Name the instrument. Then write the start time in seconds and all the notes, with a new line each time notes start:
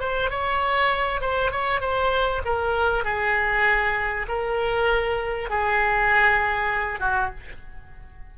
oboe
0.00 C5
0.30 C#5
1.21 C5
1.51 C#5
1.81 C5
2.45 A#4
3.04 G#4
4.29 A#4
5.50 G#4
7.00 F#4